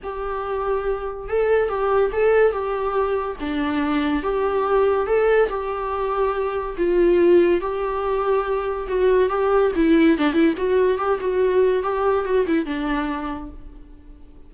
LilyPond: \new Staff \with { instrumentName = "viola" } { \time 4/4 \tempo 4 = 142 g'2. a'4 | g'4 a'4 g'2 | d'2 g'2 | a'4 g'2. |
f'2 g'2~ | g'4 fis'4 g'4 e'4 | d'8 e'8 fis'4 g'8 fis'4. | g'4 fis'8 e'8 d'2 | }